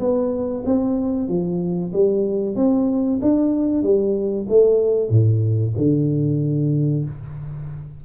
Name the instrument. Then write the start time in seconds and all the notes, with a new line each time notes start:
tuba
0.00 B3
0.65 C4
1.29 F3
1.93 G3
2.56 C4
3.22 D4
3.83 G3
4.49 A3
5.10 A2
5.77 D3